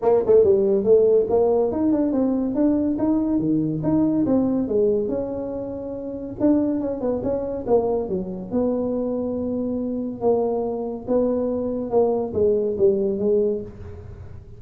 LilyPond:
\new Staff \with { instrumentName = "tuba" } { \time 4/4 \tempo 4 = 141 ais8 a8 g4 a4 ais4 | dis'8 d'8 c'4 d'4 dis'4 | dis4 dis'4 c'4 gis4 | cis'2. d'4 |
cis'8 b8 cis'4 ais4 fis4 | b1 | ais2 b2 | ais4 gis4 g4 gis4 | }